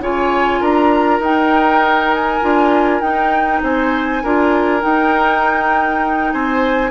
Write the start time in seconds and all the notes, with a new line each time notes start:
0.00 C#3 F4 C#5 G#5
0.60 D4 A#4 A#5
1.20 D#4 G5
2.13 G#5
2.42 D4 F4
3.01 D#4 G5
3.63 C4 C5 G#5
4.23 D4 F4 A#4
4.81 D#4 G5
6.33 C4 C5 G#5